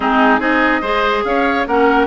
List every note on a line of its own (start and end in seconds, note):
0.00 0.39 G#3
0.00 0.39 C4
0.00 0.40 D#4
0.00 0.41 G#4
0.39 0.80 C4
0.39 0.81 D#4
0.39 0.81 G#4
0.39 1.24 D#5
0.81 1.23 G#3
0.81 1.66 G#4
0.81 1.22 C5
1.24 1.66 C#4
1.24 1.67 C#5
1.24 1.66 F5
1.67 2.06 A#3
1.67 2.06 C#4
1.67 2.06 A#4
1.67 2.06 F#5